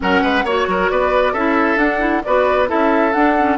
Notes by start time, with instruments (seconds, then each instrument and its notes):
0.00 bassoon F#3, clarinet C#4, oboe A#4, flute F#5
0.22 bassoon G#3, oboe B4
0.43 bassoon A#3, clarinet F#4, oboe C#5, flute C#5
0.67 bassoon F#3, oboe A#4
0.90 bassoon B3, oboe B4, flute D5
1.33 bassoon C#4, clarinet E4, oboe A4, flute E5
1.77 bassoon D4, clarinet D4, flute F#5
1.99 clarinet E4
2.23 bassoon B3, clarinet F#4, oboe B4, flute D5
2.67 bassoon C#4, clarinet E4, oboe A4, flute E5
3.12 bassoon D4, clarinet D4, flute F#5
3.38 clarinet C#4